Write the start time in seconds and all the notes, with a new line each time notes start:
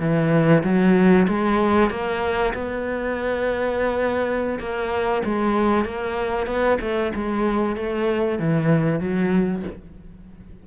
0.00 E3
0.64 F#3
1.28 G#3
1.91 A#3
2.54 B3
4.60 A#3
5.25 G#3
5.85 A#3
6.47 B3
6.81 A3
7.15 G#3
7.77 A3
8.39 E3
9.00 F#3